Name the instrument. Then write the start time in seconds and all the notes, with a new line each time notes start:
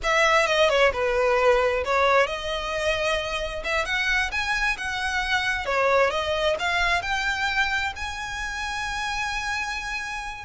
violin
0.03 E5
0.46 D#5
0.69 C#5
0.93 B4
1.85 C#5
2.26 D#5
3.64 E5
3.85 F#5
4.31 G#5
4.77 F#5
5.65 C#5
6.10 D#5
6.59 F5
7.02 G5
7.95 G#5